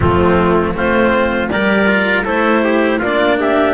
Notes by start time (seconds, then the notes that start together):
0.00 F3 A3 C4 F4
0.74 A3 C4 F4 C5
1.49 G3 G4 A#4 D5
1.87 F4
2.24 A3 E4 A4 C5
2.63 G4
2.99 A#3 D4 F4 D5
3.39 G4 E5